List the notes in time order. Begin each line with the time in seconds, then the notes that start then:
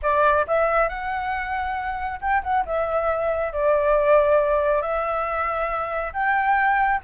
0.02 D5
0.47 E5
0.88 F#5
2.21 G5
2.43 F#5
2.65 E5
3.53 D5
4.81 E5
6.13 G5